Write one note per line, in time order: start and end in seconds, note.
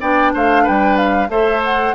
0.00 0.33 B3
0.00 1.29 D4
0.00 0.32 D5
0.00 0.33 G5
0.33 0.67 A3
0.33 0.63 C5
0.33 0.67 F5
0.63 1.29 G3
0.63 1.27 B4
0.63 0.97 G5
0.97 1.29 F5
1.29 1.93 A3
1.29 1.94 A4
1.29 1.95 C5
1.29 1.62 E5
1.64 1.95 F#5